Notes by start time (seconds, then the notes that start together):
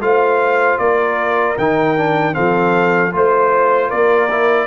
0.00 A3 F4 C5 F5
0.78 A#3 A#4 D5
1.58 D#3 D#4 G5
1.97 D4
2.33 F3 C4 A4 F5
3.12 A3 F4 C5
3.88 A#3 A#4 D5
4.30 E4